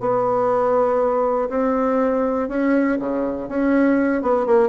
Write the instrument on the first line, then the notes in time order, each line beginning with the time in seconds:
bassoon
0.00 B3
1.49 C4
2.48 C#4
2.99 C#3
3.48 C#4
4.22 B3
4.46 A#3